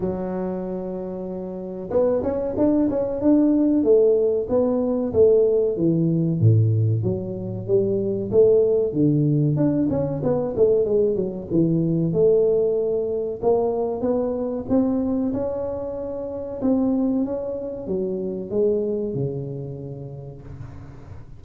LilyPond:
\new Staff \with { instrumentName = "tuba" } { \time 4/4 \tempo 4 = 94 fis2. b8 cis'8 | d'8 cis'8 d'4 a4 b4 | a4 e4 a,4 fis4 | g4 a4 d4 d'8 cis'8 |
b8 a8 gis8 fis8 e4 a4~ | a4 ais4 b4 c'4 | cis'2 c'4 cis'4 | fis4 gis4 cis2 | }